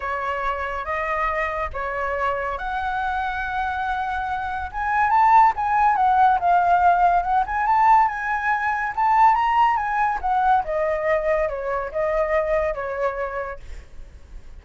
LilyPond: \new Staff \with { instrumentName = "flute" } { \time 4/4 \tempo 4 = 141 cis''2 dis''2 | cis''2 fis''2~ | fis''2. gis''4 | a''4 gis''4 fis''4 f''4~ |
f''4 fis''8 gis''8 a''4 gis''4~ | gis''4 a''4 ais''4 gis''4 | fis''4 dis''2 cis''4 | dis''2 cis''2 | }